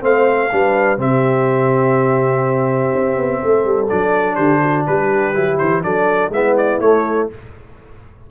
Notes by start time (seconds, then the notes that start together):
0.00 A3 C4 C5 F5
0.51 G3 D4 B4
0.97 C3 C4 G4 E5
2.94 C4
3.16 B3
3.42 A3 A4
3.64 G3
3.89 F#3 D4 D5
4.35 D3 G4 C5
4.61 F#4
4.86 G3 G4 B4
5.34 F#3 E4
5.57 E3 C5
5.82 F#3 D4 A4 D5
6.29 G#3 B3 E4 E5
6.57 D5
6.80 A3 C#5